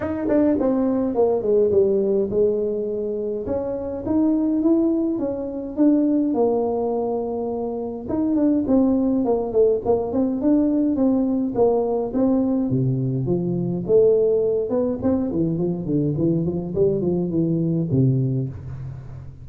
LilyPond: \new Staff \with { instrumentName = "tuba" } { \time 4/4 \tempo 4 = 104 dis'8 d'8 c'4 ais8 gis8 g4 | gis2 cis'4 dis'4 | e'4 cis'4 d'4 ais4~ | ais2 dis'8 d'8 c'4 |
ais8 a8 ais8 c'8 d'4 c'4 | ais4 c'4 c4 f4 | a4. b8 c'8 e8 f8 d8 | e8 f8 g8 f8 e4 c4 | }